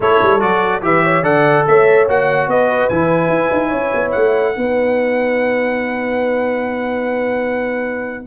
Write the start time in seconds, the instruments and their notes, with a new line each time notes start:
0.00 tuba A3, trombone E4, horn A4, trumpet C#5
0.22 tuba G3
0.39 tuba F#3, trombone F#4, trumpet D5
0.82 tuba E3, trombone G4, horn B4, trumpet E5
1.03 horn C#5
1.22 tuba D3, trombone A4, horn D5, trumpet F#5
1.67 tuba A3, horn C#5, trumpet E5
2.08 tuba A#3, trombone F#4, trumpet F#5
2.47 tuba B3, horn B4, trumpet D#5
2.89 tuba E3, trombone E4, trumpet G#5
3.28 tuba E4
3.51 tuba D#4
3.68 tuba C#4, horn C#5
3.94 tuba B3
4.11 tuba A3, trumpet F#5
4.54 tuba B3, trombone D#4, horn B4